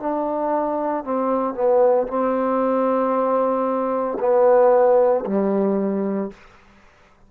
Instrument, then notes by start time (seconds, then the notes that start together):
trombone
0.00 D4
1.04 C4
1.54 B3
2.07 C4
4.19 B3
5.26 G3